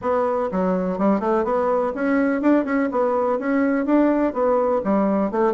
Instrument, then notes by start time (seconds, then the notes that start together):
bassoon
0.01 B3
0.51 F#3
0.98 G3
1.20 A3
1.44 B3
1.94 C#4
2.41 D4
2.65 C#4
2.91 B3
3.38 C#4
3.85 D4
4.33 B3
4.84 G3
5.31 A3